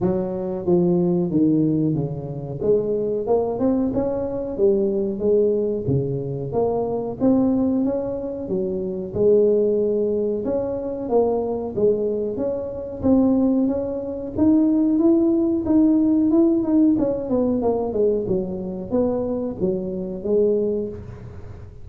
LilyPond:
\new Staff \with { instrumentName = "tuba" } { \time 4/4 \tempo 4 = 92 fis4 f4 dis4 cis4 | gis4 ais8 c'8 cis'4 g4 | gis4 cis4 ais4 c'4 | cis'4 fis4 gis2 |
cis'4 ais4 gis4 cis'4 | c'4 cis'4 dis'4 e'4 | dis'4 e'8 dis'8 cis'8 b8 ais8 gis8 | fis4 b4 fis4 gis4 | }